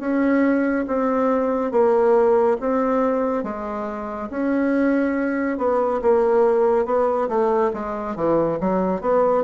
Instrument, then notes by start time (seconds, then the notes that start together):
bassoon
0.00 C#4
0.88 C4
1.72 A#3
2.61 C4
3.44 G#3
4.31 C#4
5.58 B3
6.02 A#3
6.86 B3
7.29 A3
7.74 G#3
8.16 E3
8.61 F#3
9.02 B3